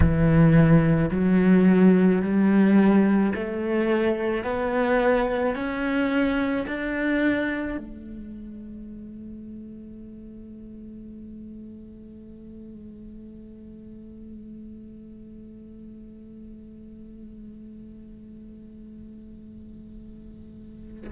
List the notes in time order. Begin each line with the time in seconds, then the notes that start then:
0.00 E3
1.11 F#3
2.22 G3
3.34 A3
4.44 B3
5.55 C#4
6.67 D4
7.77 A3